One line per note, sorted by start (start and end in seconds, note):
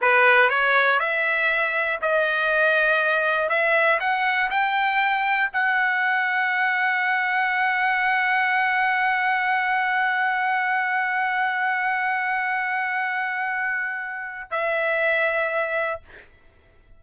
0.01 0.49 B4
0.49 0.99 C#5
0.99 1.99 E5
2.01 3.49 D#5
3.49 3.99 E5
4.00 4.50 F#5
4.50 5.50 G5
5.52 14.50 F#5
14.50 16.00 E5